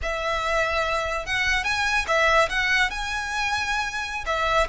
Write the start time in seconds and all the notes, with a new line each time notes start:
0.02 E5
1.26 F#5
1.64 G#5
2.07 E5
2.49 F#5
2.90 G#5
4.25 E5